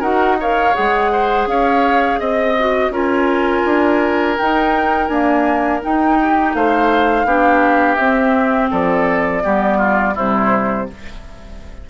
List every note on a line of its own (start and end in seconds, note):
0.00 0.73 D#4
0.00 0.38 F#4
0.00 0.36 A#4
0.00 0.39 F#5
0.40 0.75 A#4
0.40 1.12 C#5
0.40 0.75 F5
0.75 1.47 G#3
0.75 2.55 G#4
0.75 1.47 F#5
1.12 1.48 C5
1.47 2.19 C#4
1.47 2.20 C#5
1.47 2.20 F5
2.20 2.90 C4
2.20 2.92 D#5
2.59 2.92 F#4
2.90 3.62 C#4
2.90 4.37 F4
2.90 6.18 A#4
2.96 4.38 G#5
3.66 4.38 D4
4.38 5.10 D#4
4.38 5.09 D#4
4.38 5.07 G5
5.07 5.82 A#3
5.07 5.81 D4
5.07 5.80 G#5
5.83 7.27 D#4
5.83 6.55 D#4
5.83 6.55 G5
6.21 6.56 G4
6.55 7.25 A3
6.55 7.27 C5
6.55 7.95 F5
7.25 7.97 B3
7.25 7.99 D4
7.25 8.71 G4
7.95 8.71 C4
7.95 9.43 C4
7.95 8.68 E5
8.71 9.45 F3
8.71 9.43 A4
8.71 10.17 D5
9.43 10.17 G3
9.43 10.15 B3
9.43 9.78 G4
9.78 10.14 F4
10.15 10.90 C3
10.15 10.89 G3
10.15 10.87 E4
10.15 10.90 C5